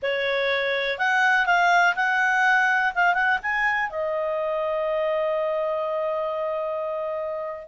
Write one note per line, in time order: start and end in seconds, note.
0.02 0.98 C#5
0.98 1.46 F#5
1.46 1.94 F5
1.95 2.93 F#5
2.94 3.14 F5
3.14 3.38 F#5
3.42 3.90 G#5
3.90 7.68 D#5